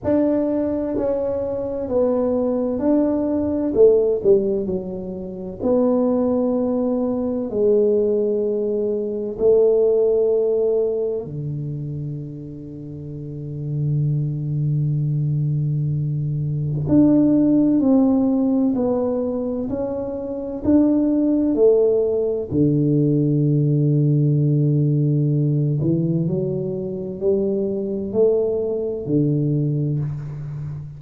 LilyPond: \new Staff \with { instrumentName = "tuba" } { \time 4/4 \tempo 4 = 64 d'4 cis'4 b4 d'4 | a8 g8 fis4 b2 | gis2 a2 | d1~ |
d2 d'4 c'4 | b4 cis'4 d'4 a4 | d2.~ d8 e8 | fis4 g4 a4 d4 | }